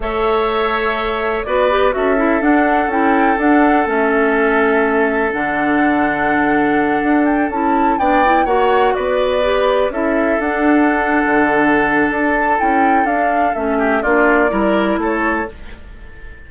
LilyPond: <<
  \new Staff \with { instrumentName = "flute" } { \time 4/4 \tempo 4 = 124 e''2. d''4 | e''4 fis''4 g''4 fis''4 | e''2. fis''4~ | fis''2. g''8 a''8~ |
a''8 g''4 fis''4 d''4.~ | d''8 e''4 fis''2~ fis''8~ | fis''4 a''4 g''4 f''4 | e''4 d''2 cis''4 | }
  \new Staff \with { instrumentName = "oboe" } { \time 4/4 cis''2. b'4 | a'1~ | a'1~ | a'1~ |
a'8 d''4 cis''4 b'4.~ | b'8 a'2.~ a'8~ | a'1~ | a'8 g'8 f'4 ais'4 a'4 | }
  \new Staff \with { instrumentName = "clarinet" } { \time 4/4 a'2. fis'8 g'8 | fis'8 e'8 d'4 e'4 d'4 | cis'2. d'4~ | d'2.~ d'8 e'8~ |
e'8 d'8 e'8 fis'2 g'8~ | g'8 e'4 d'2~ d'8~ | d'2 e'4 d'4 | cis'4 d'4 e'2 | }
  \new Staff \with { instrumentName = "bassoon" } { \time 4/4 a2. b4 | cis'4 d'4 cis'4 d'4 | a2. d4~ | d2~ d8 d'4 cis'8~ |
cis'8 b4 ais4 b4.~ | b8 cis'4 d'4.~ d'16 d8.~ | d4 d'4 cis'4 d'4 | a4 ais4 g4 a4 | }
>>